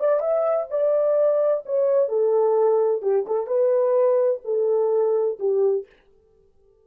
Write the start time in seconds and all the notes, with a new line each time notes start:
0.00 D5
0.20 E5
0.70 D5
1.66 C#5
2.09 A4
3.02 G4
3.27 A4
3.47 B4
4.45 A4
5.39 G4